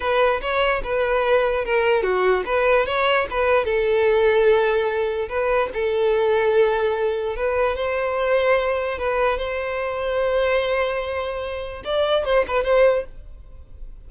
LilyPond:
\new Staff \with { instrumentName = "violin" } { \time 4/4 \tempo 4 = 147 b'4 cis''4 b'2 | ais'4 fis'4 b'4 cis''4 | b'4 a'2.~ | a'4 b'4 a'2~ |
a'2 b'4 c''4~ | c''2 b'4 c''4~ | c''1~ | c''4 d''4 c''8 b'8 c''4 | }